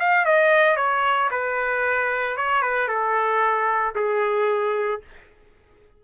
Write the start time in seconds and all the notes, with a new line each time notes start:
0.00 F5
0.26 D#5
0.77 C#5
1.32 B4
2.37 C#5
2.63 B4
2.88 A4
3.96 G#4